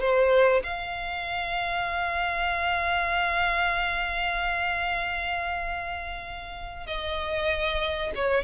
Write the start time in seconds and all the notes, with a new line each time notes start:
0.00 C5
0.63 F5
6.86 D#5
8.15 C#5